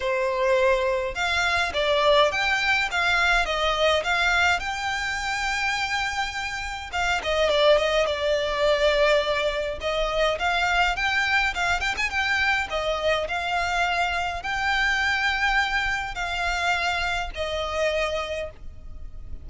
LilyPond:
\new Staff \with { instrumentName = "violin" } { \time 4/4 \tempo 4 = 104 c''2 f''4 d''4 | g''4 f''4 dis''4 f''4 | g''1 | f''8 dis''8 d''8 dis''8 d''2~ |
d''4 dis''4 f''4 g''4 | f''8 g''16 gis''16 g''4 dis''4 f''4~ | f''4 g''2. | f''2 dis''2 | }